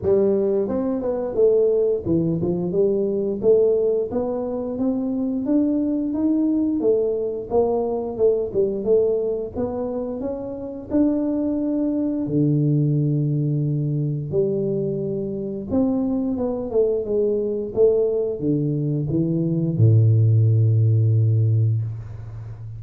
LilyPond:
\new Staff \with { instrumentName = "tuba" } { \time 4/4 \tempo 4 = 88 g4 c'8 b8 a4 e8 f8 | g4 a4 b4 c'4 | d'4 dis'4 a4 ais4 | a8 g8 a4 b4 cis'4 |
d'2 d2~ | d4 g2 c'4 | b8 a8 gis4 a4 d4 | e4 a,2. | }